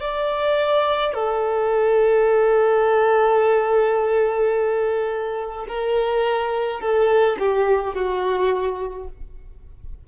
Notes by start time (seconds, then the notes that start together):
0.00 D5
1.13 A4
5.68 A#4
6.80 A4
7.39 G4
7.94 F#4